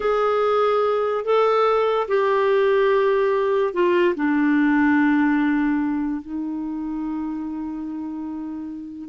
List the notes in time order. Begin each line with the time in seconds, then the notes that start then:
0.00 G#4
1.24 A4
2.08 G4
3.73 F4
4.15 D4
6.21 D#4